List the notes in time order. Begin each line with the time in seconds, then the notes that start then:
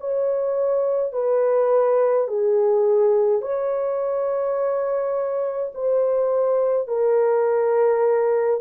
0.00 C#5
1.12 B4
2.28 G#4
3.41 C#5
5.74 C5
6.88 A#4